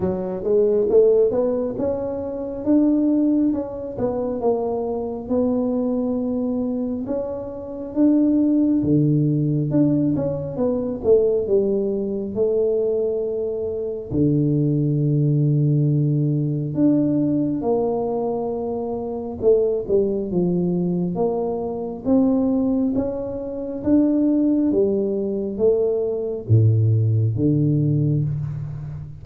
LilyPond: \new Staff \with { instrumentName = "tuba" } { \time 4/4 \tempo 4 = 68 fis8 gis8 a8 b8 cis'4 d'4 | cis'8 b8 ais4 b2 | cis'4 d'4 d4 d'8 cis'8 | b8 a8 g4 a2 |
d2. d'4 | ais2 a8 g8 f4 | ais4 c'4 cis'4 d'4 | g4 a4 a,4 d4 | }